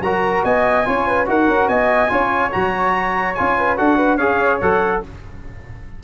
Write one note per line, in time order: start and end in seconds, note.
0.00 0.42 F#3
0.00 0.85 F#4
0.00 0.45 A#4
0.00 0.44 A#5
0.44 0.86 B3
0.44 0.86 D#5
0.44 1.27 G#5
0.85 1.28 C#4
0.85 1.26 F4
0.85 1.07 C#5
1.07 1.28 B4
1.26 1.48 D#4
1.26 2.09 F#4
1.26 1.69 A#4
1.26 1.68 F#5
1.48 1.68 C#4
1.68 2.10 B3
1.68 2.11 D#5
1.68 2.52 G#5
2.09 2.52 C#4
2.09 2.50 F4
2.09 3.57 C#5
2.51 3.38 F#3
2.51 3.34 F#4
2.51 3.35 A#5
3.35 3.79 C#4
3.35 3.77 F4
3.35 3.76 G#5
3.57 3.78 B4
3.77 4.19 D4
3.77 4.18 F#4
3.77 3.97 A4
3.77 4.17 F#5
3.97 4.16 B4
4.16 4.60 C#4
4.16 4.61 G#4
4.16 5.00 C#5
4.16 4.59 F5
4.60 5.03 F#3
4.60 5.03 A4
4.60 5.02 F#5